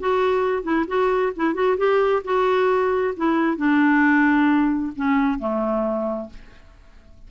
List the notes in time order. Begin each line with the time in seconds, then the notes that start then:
0.00 F#4
0.63 E4
0.88 F#4
1.36 E4
1.54 F#4
1.78 G4
2.24 F#4
3.17 E4
3.57 D4
4.96 C#4
5.39 A3